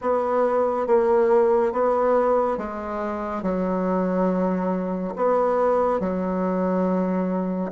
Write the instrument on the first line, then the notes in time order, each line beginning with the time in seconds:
bassoon
0.01 B3
0.86 A#3
1.72 B3
2.57 G#3
3.42 F#3
5.15 B3
6.00 F#3